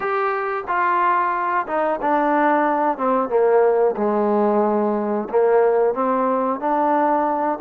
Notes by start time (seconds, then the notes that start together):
0.00 G4
0.67 F4
1.67 D#4
2.01 D4
2.97 C4
3.29 A#3
3.96 G#3
5.29 A#3
5.93 C4
6.60 D4